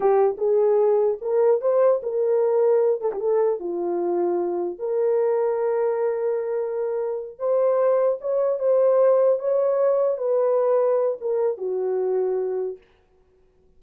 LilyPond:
\new Staff \with { instrumentName = "horn" } { \time 4/4 \tempo 4 = 150 g'4 gis'2 ais'4 | c''4 ais'2~ ais'8 a'16 g'16 | a'4 f'2. | ais'1~ |
ais'2~ ais'8 c''4.~ | c''8 cis''4 c''2 cis''8~ | cis''4. b'2~ b'8 | ais'4 fis'2. | }